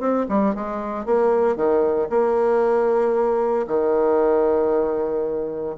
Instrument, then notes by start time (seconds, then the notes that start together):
bassoon
0.00 C4
0.29 G3
0.55 G#3
1.06 A#3
1.56 D#3
2.10 A#3
3.67 D#3